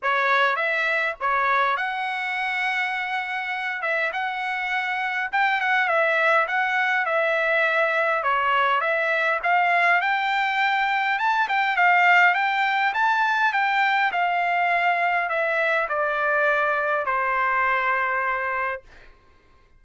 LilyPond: \new Staff \with { instrumentName = "trumpet" } { \time 4/4 \tempo 4 = 102 cis''4 e''4 cis''4 fis''4~ | fis''2~ fis''8 e''8 fis''4~ | fis''4 g''8 fis''8 e''4 fis''4 | e''2 cis''4 e''4 |
f''4 g''2 a''8 g''8 | f''4 g''4 a''4 g''4 | f''2 e''4 d''4~ | d''4 c''2. | }